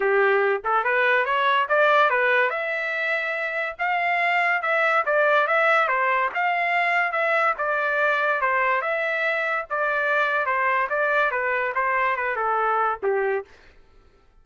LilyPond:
\new Staff \with { instrumentName = "trumpet" } { \time 4/4 \tempo 4 = 143 g'4. a'8 b'4 cis''4 | d''4 b'4 e''2~ | e''4 f''2 e''4 | d''4 e''4 c''4 f''4~ |
f''4 e''4 d''2 | c''4 e''2 d''4~ | d''4 c''4 d''4 b'4 | c''4 b'8 a'4. g'4 | }